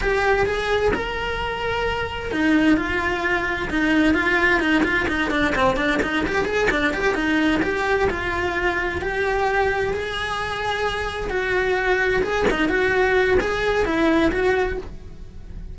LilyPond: \new Staff \with { instrumentName = "cello" } { \time 4/4 \tempo 4 = 130 g'4 gis'4 ais'2~ | ais'4 dis'4 f'2 | dis'4 f'4 dis'8 f'8 dis'8 d'8 | c'8 d'8 dis'8 g'8 gis'8 d'8 g'8 dis'8~ |
dis'8 g'4 f'2 g'8~ | g'4. gis'2~ gis'8~ | gis'8 fis'2 gis'8 dis'8 fis'8~ | fis'4 gis'4 e'4 fis'4 | }